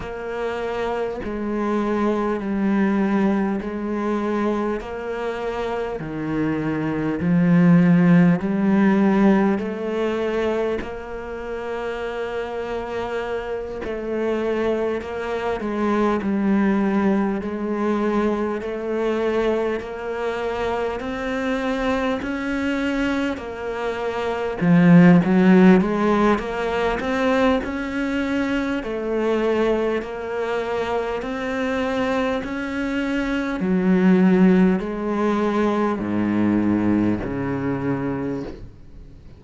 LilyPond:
\new Staff \with { instrumentName = "cello" } { \time 4/4 \tempo 4 = 50 ais4 gis4 g4 gis4 | ais4 dis4 f4 g4 | a4 ais2~ ais8 a8~ | a8 ais8 gis8 g4 gis4 a8~ |
a8 ais4 c'4 cis'4 ais8~ | ais8 f8 fis8 gis8 ais8 c'8 cis'4 | a4 ais4 c'4 cis'4 | fis4 gis4 gis,4 cis4 | }